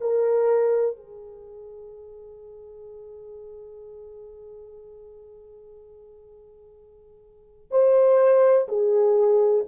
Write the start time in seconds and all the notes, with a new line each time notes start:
0.00 A#4
0.96 G#4
7.70 C5
8.68 G#4